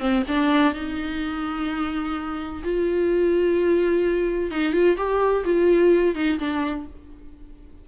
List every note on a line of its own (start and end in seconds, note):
0.00 0.24 C4
0.28 0.74 D4
0.74 2.63 D#4
2.64 4.52 F4
4.52 4.74 D#4
4.74 4.97 F4
4.98 5.45 G4
5.45 6.15 F4
6.15 6.39 D#4
6.39 6.87 D4